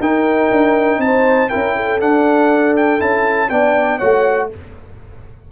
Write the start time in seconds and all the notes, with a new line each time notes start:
0.00 D#4 A#4 G5
0.51 D4
0.98 C4 A5
1.04 C5
1.49 C#4 E4 A#4 G5
1.76 A4
2.00 D4 F#5
2.77 G5
2.98 C#4 E4 A5
3.50 B3 D4 D5 G5
3.98 A3 F#4 C#5 F#5